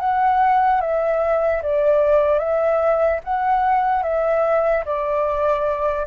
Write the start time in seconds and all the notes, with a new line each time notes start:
0.00 F#5
0.81 E5
1.63 D5
2.39 E5
3.24 F#5
4.03 E5
4.85 D5